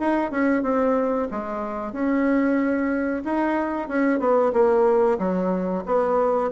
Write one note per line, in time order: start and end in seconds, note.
0.00 0.31 D#4
0.31 0.63 C#4
0.63 1.28 C4
1.31 1.93 G#3
1.93 3.23 C#4
3.25 3.89 D#4
3.89 4.20 C#4
4.20 4.53 B3
4.54 5.19 A#3
5.19 5.84 F#3
5.86 6.52 B3